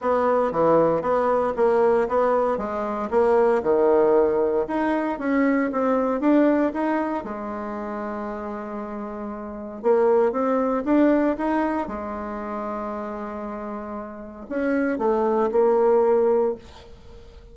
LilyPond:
\new Staff \with { instrumentName = "bassoon" } { \time 4/4 \tempo 4 = 116 b4 e4 b4 ais4 | b4 gis4 ais4 dis4~ | dis4 dis'4 cis'4 c'4 | d'4 dis'4 gis2~ |
gis2. ais4 | c'4 d'4 dis'4 gis4~ | gis1 | cis'4 a4 ais2 | }